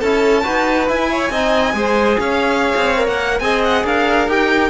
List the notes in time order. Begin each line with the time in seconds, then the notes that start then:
0.00 C#4 E4 A4 A5
0.44 D#4 F#4 B4
0.87 E4 G#5
1.10 C#5
1.30 C4 D#4 D#5
1.73 G#3 G#4 C5
2.19 C#4 C#5 F5
2.76 C4
2.96 A#4
3.07 A#3 F#5
3.39 C4 G#4 D#5 G#5
3.64 F#5
3.84 D4 A#4 F5
4.28 D#4 G4 G5